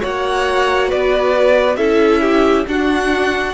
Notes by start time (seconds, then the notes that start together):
0.00 A#3 F#4 C#5 F#5
0.88 B3 B4 D5
1.76 C#4 E4 A4 E5
2.22 G4
2.67 D4 F#4 F#5